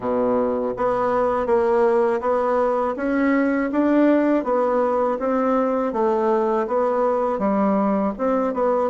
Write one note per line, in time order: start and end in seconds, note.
0.00 0.73 B2
0.76 1.46 B3
1.46 2.20 A#3
2.20 2.95 B3
2.96 3.70 C#4
3.71 4.44 D4
4.44 5.18 B3
5.19 5.92 C4
5.92 6.66 A3
6.67 7.38 B3
7.38 8.12 G3
8.18 8.53 C4
8.53 8.90 B3